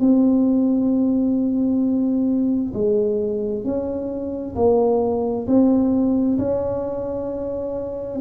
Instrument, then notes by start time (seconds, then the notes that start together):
tuba
0.00 C4
2.74 G#3
3.64 C#4
4.56 A#3
5.48 C4
6.38 C#4